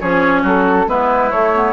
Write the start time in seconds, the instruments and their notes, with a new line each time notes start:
0.00 bassoon F3, clarinet C#4, oboe G#4, flute C#5
0.42 bassoon F#3, oboe F#4, flute A4
0.87 bassoon G#3, clarinet B3, oboe E4, flute B4
1.31 bassoon A3, clarinet A3, flute C#5
1.55 clarinet B3